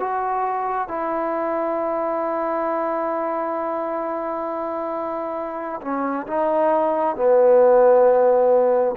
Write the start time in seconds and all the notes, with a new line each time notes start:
0.00 F#4
0.89 E4
5.82 C#4
6.27 D#4
7.16 B3